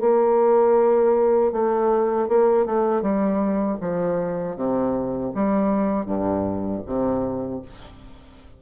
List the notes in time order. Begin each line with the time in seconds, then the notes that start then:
0.00 A#3
1.52 A3
2.28 A#3
2.65 A3
3.01 G3
3.80 F3
4.56 C3
5.34 G3
6.05 G2
6.86 C3